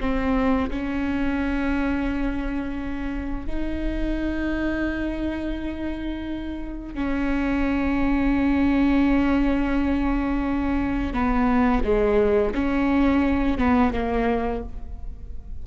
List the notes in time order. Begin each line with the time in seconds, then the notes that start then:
0.00 C4
0.70 C#4
3.47 D#4
6.95 C#4
11.13 B3
11.84 G#3
12.54 C#4
13.58 B3
13.93 A#3